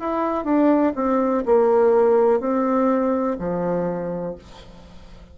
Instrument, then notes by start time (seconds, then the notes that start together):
bassoon
0.00 E4
0.44 D4
0.95 C4
1.46 A#3
2.40 C4
3.39 F3